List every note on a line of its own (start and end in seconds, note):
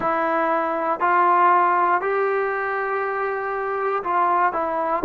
0.00 1.00 E4
1.00 2.01 F4
2.01 4.03 G4
4.03 4.52 F4
4.52 5.03 E4